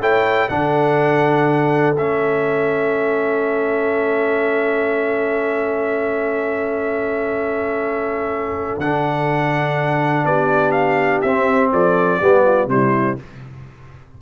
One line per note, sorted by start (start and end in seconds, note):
0.00 0.49 A3
0.00 0.49 E4
0.00 0.49 C#5
0.00 0.49 G5
0.49 1.95 D3
0.49 1.96 D4
0.49 10.26 A4
0.49 1.95 F#5
1.96 8.78 A3
1.96 8.81 C#4
1.96 8.79 E5
8.78 10.24 D3
8.78 11.26 D4
8.78 10.25 F#5
10.24 11.22 B3
10.24 11.72 G4
10.24 10.71 D5
10.71 11.20 F5
11.21 11.72 C4
11.21 12.21 C4
11.21 11.70 E5
11.72 12.21 F3
11.72 12.21 A4
11.72 12.69 D5
12.21 12.66 G3
12.21 12.68 B3
12.21 12.44 G4
12.44 12.69 F4
12.66 13.15 C3
12.66 13.16 G3
12.66 13.18 C5
12.72 13.21 E4